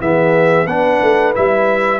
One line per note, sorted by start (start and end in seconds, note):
0.00 0.65 E3
0.00 0.67 B3
0.00 0.67 G#4
0.00 0.66 E5
0.65 0.99 B3
0.65 1.34 D4
0.65 2.00 B4
0.65 1.33 F#5
1.01 1.35 A3
1.34 2.00 G3
1.34 2.00 E4
1.34 2.00 E5